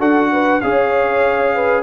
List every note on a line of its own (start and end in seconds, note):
0.00 0.62 D4
0.00 0.62 F#4
0.00 0.31 A4
0.00 0.61 F#5
0.33 0.63 B4
0.61 1.83 C#4
0.61 1.83 G#4
0.61 1.55 C#5
0.61 1.83 F5
1.55 1.83 B4